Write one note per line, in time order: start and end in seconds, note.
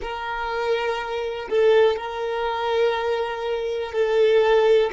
0.01 1.48 A#4
1.49 1.96 A4
1.96 3.92 A#4
3.92 4.90 A4